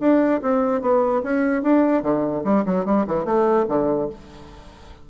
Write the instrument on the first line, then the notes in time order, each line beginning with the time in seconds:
bassoon
0.00 D4
0.42 C4
0.81 B3
1.23 C#4
1.62 D4
2.02 D3
2.44 G3
2.65 F#3
2.85 G3
3.07 E3
3.25 A3
3.68 D3